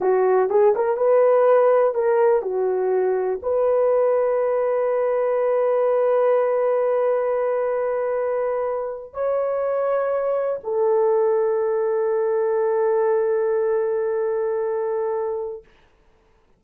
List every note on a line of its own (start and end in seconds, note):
0.00 0.49 F#4
0.49 0.74 G#4
0.75 0.96 A#4
0.96 1.94 B4
1.94 2.42 A#4
2.42 3.39 F#4
3.42 9.13 B4
9.13 10.60 C#5
10.63 15.63 A4